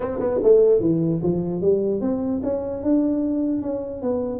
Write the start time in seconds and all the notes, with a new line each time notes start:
0.00 C4
0.19 B3
0.43 A3
0.80 E3
1.22 F3
1.61 G3
2.00 C4
2.43 C#4
2.83 D4
3.61 C#4
4.02 B3